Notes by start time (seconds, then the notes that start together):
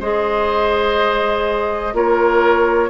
0.00 G#3 G#4 C5 D#5
1.93 A#3 F4 A#4 C#5